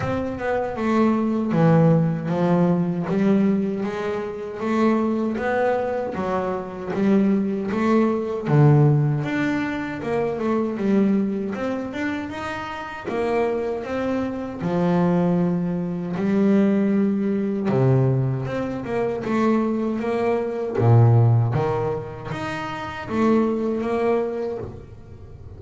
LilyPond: \new Staff \with { instrumentName = "double bass" } { \time 4/4 \tempo 4 = 78 c'8 b8 a4 e4 f4 | g4 gis4 a4 b4 | fis4 g4 a4 d4 | d'4 ais8 a8 g4 c'8 d'8 |
dis'4 ais4 c'4 f4~ | f4 g2 c4 | c'8 ais8 a4 ais4 ais,4 | dis4 dis'4 a4 ais4 | }